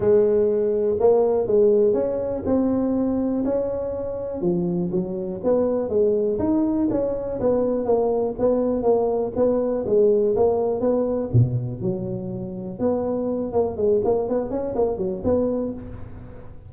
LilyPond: \new Staff \with { instrumentName = "tuba" } { \time 4/4 \tempo 4 = 122 gis2 ais4 gis4 | cis'4 c'2 cis'4~ | cis'4 f4 fis4 b4 | gis4 dis'4 cis'4 b4 |
ais4 b4 ais4 b4 | gis4 ais4 b4 b,4 | fis2 b4. ais8 | gis8 ais8 b8 cis'8 ais8 fis8 b4 | }